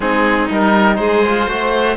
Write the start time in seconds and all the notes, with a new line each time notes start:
0.00 G#3 C4 D#4 G#4
0.50 G3 D#4 A#4
0.95 G#3 G#4 C5
1.25 F4
1.47 A3 F#4 C5